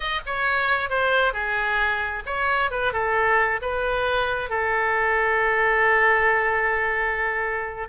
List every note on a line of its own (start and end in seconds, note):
0.00 0.21 D#5
0.25 0.89 C#5
0.89 1.33 C5
1.33 2.23 G#4
2.26 2.70 C#5
2.70 2.92 B4
2.92 3.60 A4
3.61 4.49 B4
4.49 7.87 A4